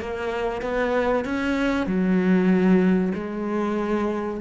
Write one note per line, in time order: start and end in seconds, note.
0.00 0.62 A#3
0.62 1.25 B3
1.25 1.86 C#4
1.86 3.13 F#3
3.14 4.41 G#3